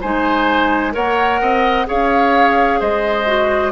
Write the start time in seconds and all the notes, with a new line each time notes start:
0.00 G#3 D#4 C5 G#5
0.92 A#3 A#4 C#5 F#5
1.40 C4 D#5
1.86 C#4 G#4 C#5 F5
2.79 G#3 C5 D#5
3.26 F#4